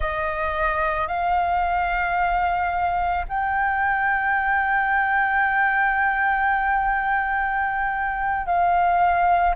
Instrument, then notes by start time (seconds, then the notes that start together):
flute
0.00 D#5
1.07 F5
3.28 G5
8.46 F5